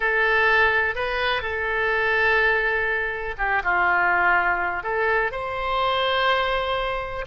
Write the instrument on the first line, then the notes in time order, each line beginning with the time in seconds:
oboe
0.00 A4
0.95 B4
1.41 A4
3.38 G4
3.63 F4
4.83 A4
5.31 C5